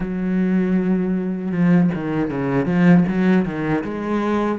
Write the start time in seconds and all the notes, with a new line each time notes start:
0.00 F#3
1.51 F3
1.94 D#3
2.30 C#3
2.65 F3
3.08 F#3
3.45 D#3
3.84 G#3